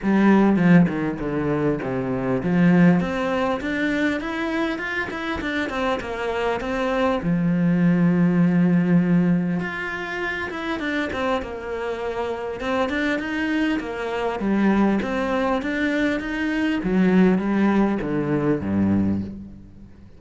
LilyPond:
\new Staff \with { instrumentName = "cello" } { \time 4/4 \tempo 4 = 100 g4 f8 dis8 d4 c4 | f4 c'4 d'4 e'4 | f'8 e'8 d'8 c'8 ais4 c'4 | f1 |
f'4. e'8 d'8 c'8 ais4~ | ais4 c'8 d'8 dis'4 ais4 | g4 c'4 d'4 dis'4 | fis4 g4 d4 g,4 | }